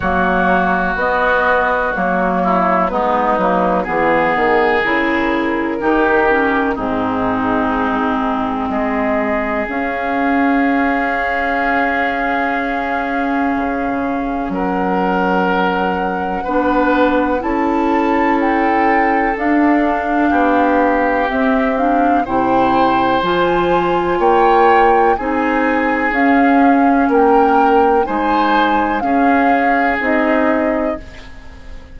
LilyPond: <<
  \new Staff \with { instrumentName = "flute" } { \time 4/4 \tempo 4 = 62 cis''4 dis''4 cis''4 b'4 | gis'4 ais'2 gis'4~ | gis'4 dis''4 f''2~ | f''2. fis''4~ |
fis''2 a''4 g''4 | f''2 e''8 f''8 g''4 | gis''4 g''4 gis''4 f''4 | g''4 gis''4 f''4 dis''4 | }
  \new Staff \with { instrumentName = "oboe" } { \time 4/4 fis'2~ fis'8 e'8 dis'4 | gis'2 g'4 dis'4~ | dis'4 gis'2.~ | gis'2. ais'4~ |
ais'4 b'4 a'2~ | a'4 g'2 c''4~ | c''4 cis''4 gis'2 | ais'4 c''4 gis'2 | }
  \new Staff \with { instrumentName = "clarinet" } { \time 4/4 ais4 b4 ais4 b8 ais8 | b4 e'4 dis'8 cis'8 c'4~ | c'2 cis'2~ | cis'1~ |
cis'4 d'4 e'2 | d'2 c'8 d'8 e'4 | f'2 dis'4 cis'4~ | cis'4 dis'4 cis'4 dis'4 | }
  \new Staff \with { instrumentName = "bassoon" } { \time 4/4 fis4 b4 fis4 gis8 fis8 | e8 dis8 cis4 dis4 gis,4~ | gis,4 gis4 cis'2~ | cis'2 cis4 fis4~ |
fis4 b4 cis'2 | d'4 b4 c'4 c4 | f4 ais4 c'4 cis'4 | ais4 gis4 cis'4 c'4 | }
>>